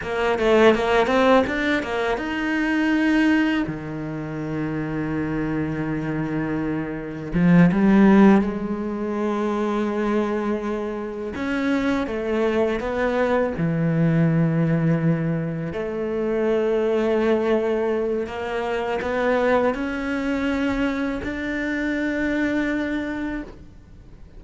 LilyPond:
\new Staff \with { instrumentName = "cello" } { \time 4/4 \tempo 4 = 82 ais8 a8 ais8 c'8 d'8 ais8 dis'4~ | dis'4 dis2.~ | dis2 f8 g4 gis8~ | gis2.~ gis8 cis'8~ |
cis'8 a4 b4 e4.~ | e4. a2~ a8~ | a4 ais4 b4 cis'4~ | cis'4 d'2. | }